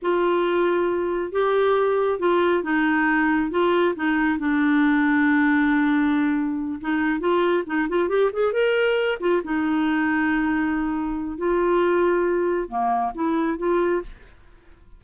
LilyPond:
\new Staff \with { instrumentName = "clarinet" } { \time 4/4 \tempo 4 = 137 f'2. g'4~ | g'4 f'4 dis'2 | f'4 dis'4 d'2~ | d'2.~ d'8 dis'8~ |
dis'8 f'4 dis'8 f'8 g'8 gis'8 ais'8~ | ais'4 f'8 dis'2~ dis'8~ | dis'2 f'2~ | f'4 ais4 e'4 f'4 | }